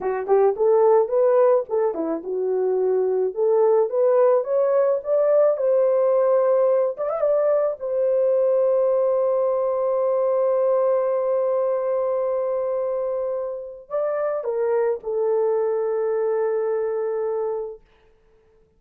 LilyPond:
\new Staff \with { instrumentName = "horn" } { \time 4/4 \tempo 4 = 108 fis'8 g'8 a'4 b'4 a'8 e'8 | fis'2 a'4 b'4 | cis''4 d''4 c''2~ | c''8 d''16 e''16 d''4 c''2~ |
c''1~ | c''1~ | c''4 d''4 ais'4 a'4~ | a'1 | }